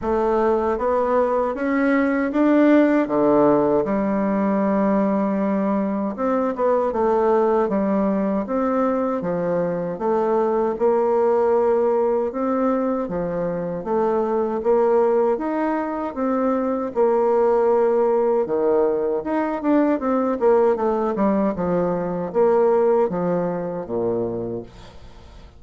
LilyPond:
\new Staff \with { instrumentName = "bassoon" } { \time 4/4 \tempo 4 = 78 a4 b4 cis'4 d'4 | d4 g2. | c'8 b8 a4 g4 c'4 | f4 a4 ais2 |
c'4 f4 a4 ais4 | dis'4 c'4 ais2 | dis4 dis'8 d'8 c'8 ais8 a8 g8 | f4 ais4 f4 ais,4 | }